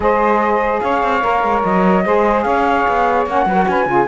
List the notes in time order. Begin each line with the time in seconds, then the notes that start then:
0.00 G#3 G#4 C5 D#5
0.80 C#4 C#5 F5
1.02 C4
1.22 A#3 A#4
1.43 G#3
1.63 F#3 D#5
2.04 G#3 G#4 C5
2.42 C#4 C#5 F5
2.87 B3
3.26 A#3 C#4 F#5
3.45 F#3 F#4 B4
3.55 A#4
3.68 C#4 B4 G#5
3.85 C#3 F4 G#4